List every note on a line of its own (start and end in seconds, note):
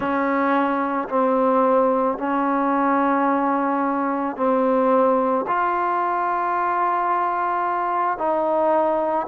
0.00 1.08 C#4
1.09 2.18 C4
2.18 4.36 C#4
4.36 5.45 C4
5.47 8.18 F4
8.18 9.27 D#4